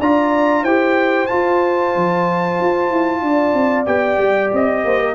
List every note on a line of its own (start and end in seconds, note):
0.00 0.63 D4
0.00 0.67 F4
0.00 0.64 D5
0.00 0.65 A#5
0.63 1.27 E4
0.63 1.29 G4
0.63 3.22 C5
0.63 1.26 G5
1.26 3.87 F4
1.26 1.96 F4
1.26 3.84 A5
1.96 2.60 F3
2.60 2.91 F4
2.91 3.22 E4
3.22 3.54 D4
3.22 4.85 D5
3.54 3.86 C4
3.86 4.18 B3
3.86 5.15 G4
3.86 4.51 G5
4.18 4.51 G3
4.53 4.85 C4
4.53 5.15 D#5
4.85 5.15 A#3
4.85 5.00 C5
5.00 5.15 A#4